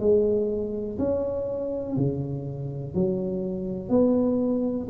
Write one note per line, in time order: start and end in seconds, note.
0.00 0.98 G#3
0.99 1.97 C#4
1.97 2.95 C#3
2.95 3.90 F#3
3.90 4.88 B3